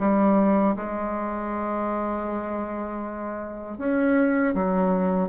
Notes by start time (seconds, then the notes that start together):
0.00 G3
0.76 G#3
3.78 C#4
4.55 F#3